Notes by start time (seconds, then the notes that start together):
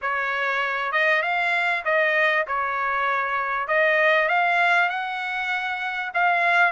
0.01 C#5
0.92 D#5
1.22 F5
1.84 D#5
2.47 C#5
3.67 D#5
4.28 F5
4.89 F#5
6.14 F5